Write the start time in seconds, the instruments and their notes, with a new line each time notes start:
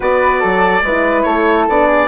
0.00 bassoon B3, horn F#4, flute B4, oboe D5
0.40 bassoon F#3, flute A4
0.82 bassoon G#3, horn E4, flute B4
1.22 bassoon A3, flute A4, oboe C#5
1.68 bassoon B3, horn D4, oboe D5
1.86 flute G#4